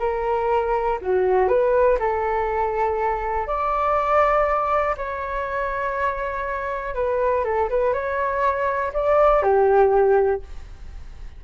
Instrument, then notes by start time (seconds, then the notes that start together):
flute
0.00 A#4
1.02 F#4
1.49 B4
2.00 A4
3.47 D5
4.97 C#5
6.95 B4
7.45 A4
7.70 B4
7.94 C#5
8.94 D5
9.43 G4